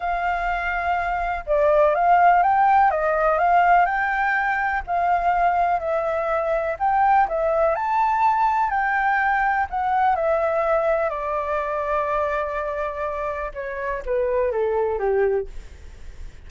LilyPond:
\new Staff \with { instrumentName = "flute" } { \time 4/4 \tempo 4 = 124 f''2. d''4 | f''4 g''4 dis''4 f''4 | g''2 f''2 | e''2 g''4 e''4 |
a''2 g''2 | fis''4 e''2 d''4~ | d''1 | cis''4 b'4 a'4 g'4 | }